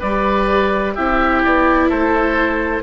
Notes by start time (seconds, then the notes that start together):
0.00 G3 G4 B4 D5
0.95 C4 E4 G4 E5
1.44 B3 D5
1.89 A3 A4 C5